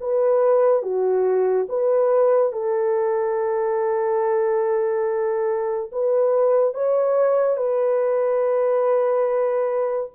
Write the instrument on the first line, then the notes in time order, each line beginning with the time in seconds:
horn
0.00 B4
0.82 F#4
1.69 B4
2.52 A4
5.92 B4
6.73 C#5
7.56 B4